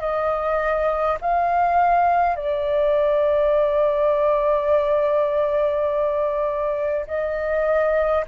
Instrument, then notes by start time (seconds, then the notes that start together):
flute
0.00 D#5
1.21 F5
2.36 D5
7.07 D#5